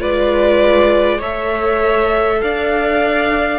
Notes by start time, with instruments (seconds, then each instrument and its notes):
0.00 cello G#3, viola F4, violin B4 D5
1.18 cello A3, viola A4, violin C#5 E5
2.42 cello D4, violin D5 F5